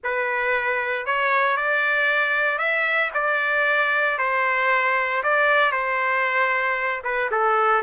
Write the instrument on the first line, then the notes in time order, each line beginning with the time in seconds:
trumpet
0.03 B4
1.06 C#5
1.56 D5
2.58 E5
3.14 D5
4.18 C5
5.23 D5
5.72 C5
7.04 B4
7.31 A4